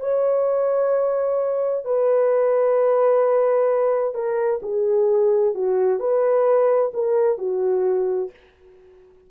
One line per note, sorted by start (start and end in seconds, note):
0.00 1.85 C#5
1.85 4.15 B4
4.15 4.61 A#4
4.62 5.55 G#4
5.55 6.00 F#4
6.00 6.92 B4
6.94 7.38 A#4
7.38 8.30 F#4